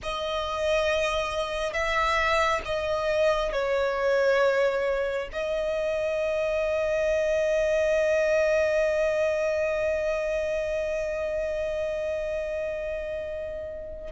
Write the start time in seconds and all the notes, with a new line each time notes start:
0.02 D#5
1.72 E5
2.65 D#5
3.52 C#5
5.32 D#5